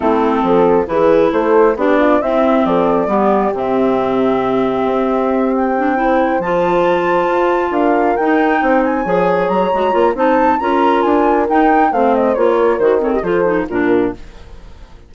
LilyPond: <<
  \new Staff \with { instrumentName = "flute" } { \time 4/4 \tempo 4 = 136 a'2 b'4 c''4 | d''4 e''4 d''2 | e''1~ | e''8 g''2 a''4.~ |
a''4. f''4 g''4. | gis''4. ais''4. a''4 | ais''4 gis''4 g''4 f''8 dis''8 | cis''4 c''8 cis''16 dis''16 c''4 ais'4 | }
  \new Staff \with { instrumentName = "horn" } { \time 4/4 e'4 a'4 gis'4 a'4 | g'8 f'8 e'4 a'4 g'4~ | g'1~ | g'4. c''2~ c''8~ |
c''4. ais'2 c''8~ | c''8 cis''2~ cis''8 c''4 | ais'2. c''4~ | c''8 ais'4 a'16 g'16 a'4 f'4 | }
  \new Staff \with { instrumentName = "clarinet" } { \time 4/4 c'2 e'2 | d'4 c'2 b4 | c'1~ | c'4 d'8 e'4 f'4.~ |
f'2~ f'8 dis'4.~ | dis'8 gis'4. fis'8 f'8 dis'4 | f'2 dis'4 c'4 | f'4 fis'8 c'8 f'8 dis'8 d'4 | }
  \new Staff \with { instrumentName = "bassoon" } { \time 4/4 a4 f4 e4 a4 | b4 c'4 f4 g4 | c2. c'4~ | c'2~ c'8 f4.~ |
f8 f'4 d'4 dis'4 c'8~ | c'8 f4 fis8 gis8 ais8 c'4 | cis'4 d'4 dis'4 a4 | ais4 dis4 f4 ais,4 | }
>>